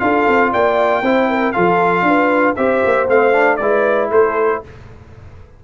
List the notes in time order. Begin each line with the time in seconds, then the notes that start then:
0.00 D4 F4 A4 F5
0.28 C4
0.52 A#3 D5 G5
1.02 C4 E4 C5
1.29 A#4
1.52 F3 F4 A4 F5
2.03 D4 B4
2.56 C4 G4 C5 E5
2.85 A#3
3.08 A3 C4 F5
3.33 D4
3.57 G#3 E4 B4 D5
4.10 A3 A4 C5